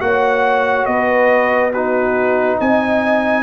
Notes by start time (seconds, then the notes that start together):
0.00 A#3 F#4 C#5 F#5
0.86 B3 B4 D#5
1.72 D#4 F#4 B4
2.59 C4 D#5 G#5